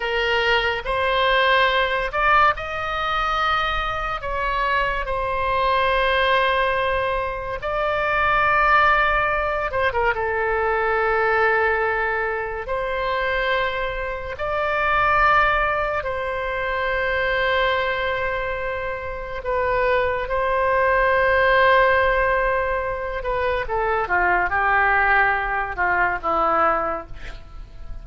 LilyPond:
\new Staff \with { instrumentName = "oboe" } { \time 4/4 \tempo 4 = 71 ais'4 c''4. d''8 dis''4~ | dis''4 cis''4 c''2~ | c''4 d''2~ d''8 c''16 ais'16 | a'2. c''4~ |
c''4 d''2 c''4~ | c''2. b'4 | c''2.~ c''8 b'8 | a'8 f'8 g'4. f'8 e'4 | }